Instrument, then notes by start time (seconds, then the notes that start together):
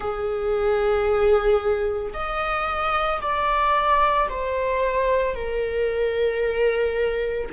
viola
0.00 G#4
2.13 D#5
3.21 D5
4.29 C5
5.35 A#4